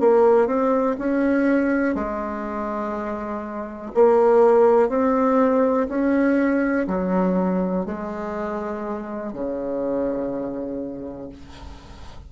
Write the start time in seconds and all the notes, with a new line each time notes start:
0.00 A#3
0.47 C4
0.99 C#4
1.95 G#3
3.95 A#3
4.89 C4
5.89 C#4
6.88 F#3
7.86 G#3
9.33 C#3